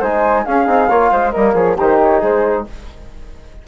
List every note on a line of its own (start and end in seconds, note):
0.00 0.45 G#3
0.00 0.47 D#4
0.00 0.44 C5
0.00 0.45 G#5
0.45 0.66 C#4
0.45 0.68 C#4
0.45 0.89 G#4
0.45 1.32 F5
0.66 0.89 C4
0.66 0.88 D#4
0.89 1.11 A#3
0.89 1.34 F4
0.89 1.11 C#5
1.12 1.34 G#3
1.12 1.32 C5
1.32 1.55 G3
1.32 1.78 A#3
1.32 1.54 A#4
1.32 1.54 D#5
1.54 1.76 F3
1.54 1.76 G#4
1.54 1.77 C#5
1.76 2.23 D#3
1.76 2.68 D#4
1.76 2.20 G4
1.76 2.01 C5
2.02 2.23 C#5
2.20 2.66 G#3
2.20 2.64 G#4
2.20 2.67 C5